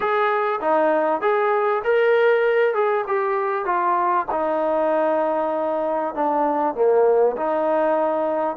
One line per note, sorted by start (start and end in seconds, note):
0.00 0.60 G#4
0.60 1.21 D#4
1.21 1.82 G#4
1.84 2.74 A#4
2.74 3.04 G#4
3.07 3.65 G4
3.65 4.26 F4
4.31 6.14 D#4
6.14 6.74 D4
6.74 7.36 A#3
7.36 8.56 D#4